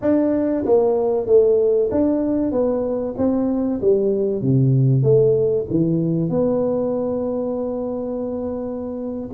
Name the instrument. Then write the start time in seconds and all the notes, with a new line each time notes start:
tuba
0.01 D4
0.65 A#3
1.26 A3
1.91 D4
2.51 B3
3.17 C4
3.81 G3
4.41 C3
5.02 A3
5.70 E3
6.29 B3